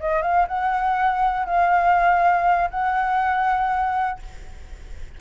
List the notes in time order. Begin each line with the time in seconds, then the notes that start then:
0.00 D#5
0.22 F5
0.48 F#5
1.46 F5
2.70 F#5